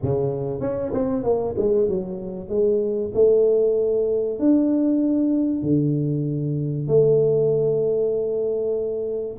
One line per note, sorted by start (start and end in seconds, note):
0.02 0.60 C#3
0.60 0.91 C#4
0.93 1.23 C4
1.23 1.55 A#3
1.57 1.88 G#3
1.88 2.49 F#3
2.49 3.11 G#3
3.14 4.39 A3
4.39 5.62 D4
5.62 6.87 D3
6.87 9.37 A3